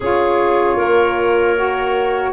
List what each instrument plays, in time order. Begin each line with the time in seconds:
0.00 tuba C#4, saxophone F4, clarinet G#4, flute C#5
0.75 tuba A#3, clarinet A#4
1.56 saxophone F#4